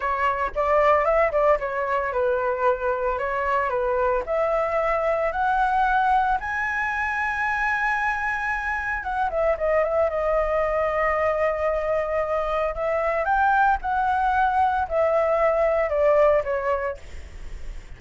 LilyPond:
\new Staff \with { instrumentName = "flute" } { \time 4/4 \tempo 4 = 113 cis''4 d''4 e''8 d''8 cis''4 | b'2 cis''4 b'4 | e''2 fis''2 | gis''1~ |
gis''4 fis''8 e''8 dis''8 e''8 dis''4~ | dis''1 | e''4 g''4 fis''2 | e''2 d''4 cis''4 | }